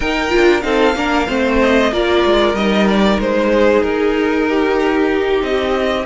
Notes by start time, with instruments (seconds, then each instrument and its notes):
0.00 cello D#4, viola D#4, violin A#4 G5
0.29 viola F4
0.35 cello D4
0.60 cello C4, viola D#4, violin A4 F5
0.95 cello A#3, viola D4, violin A#4
1.27 cello A3, viola C4, violin C5
1.61 violin D#5
1.91 cello A#3, viola F4, violin A#4 D5
2.25 cello G#3
2.53 cello G3, viola D#4, violin D#5
2.88 violin D5
3.18 cello G#3, violin C5
3.54 violin G#4
3.82 cello D#4, violin A#4
4.48 violin G4
5.42 cello C4, violin D#5